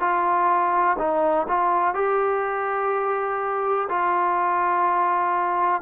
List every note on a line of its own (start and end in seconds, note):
0.00 0.97 F4
0.99 1.47 D#4
1.48 1.94 F4
1.94 3.88 G4
3.89 5.82 F4